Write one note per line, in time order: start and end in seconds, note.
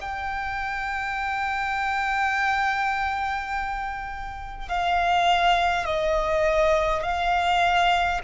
0.00 4.68 G5
4.68 5.85 F5
5.85 7.03 D#5
7.03 8.20 F5